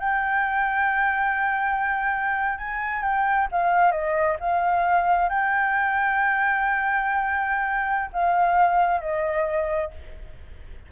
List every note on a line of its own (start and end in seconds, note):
0.00 2.58 G5
2.58 3.03 G#5
3.03 3.48 G5
3.52 3.92 F5
3.92 4.37 D#5
4.40 5.29 F5
5.29 8.11 G5
8.13 9.01 F5
9.01 9.91 D#5